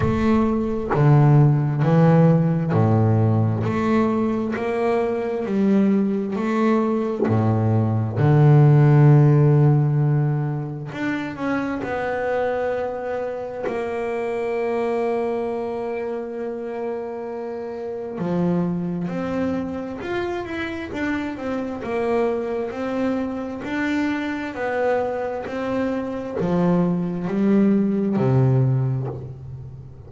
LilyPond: \new Staff \with { instrumentName = "double bass" } { \time 4/4 \tempo 4 = 66 a4 d4 e4 a,4 | a4 ais4 g4 a4 | a,4 d2. | d'8 cis'8 b2 ais4~ |
ais1 | f4 c'4 f'8 e'8 d'8 c'8 | ais4 c'4 d'4 b4 | c'4 f4 g4 c4 | }